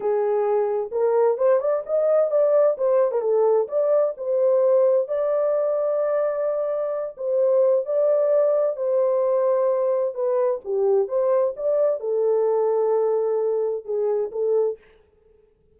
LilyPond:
\new Staff \with { instrumentName = "horn" } { \time 4/4 \tempo 4 = 130 gis'2 ais'4 c''8 d''8 | dis''4 d''4 c''8. ais'16 a'4 | d''4 c''2 d''4~ | d''2.~ d''8 c''8~ |
c''4 d''2 c''4~ | c''2 b'4 g'4 | c''4 d''4 a'2~ | a'2 gis'4 a'4 | }